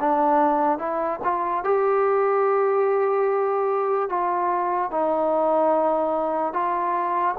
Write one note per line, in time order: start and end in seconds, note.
0.00 0.79 D4
0.79 1.20 E4
1.24 1.64 F4
1.64 4.09 G4
4.09 4.91 F4
4.91 6.53 D#4
6.53 7.36 F4